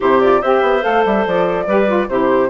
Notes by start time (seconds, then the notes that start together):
0.00 C3 E4 G4 C5
0.20 F4 D5
0.40 C4 G4 C5 E5
0.61 B3
0.81 A3 A4 F5
1.05 G3 E5
1.26 F3 D5
1.66 G3 G4 B4
1.87 F4
2.08 C3 E4 G4 C5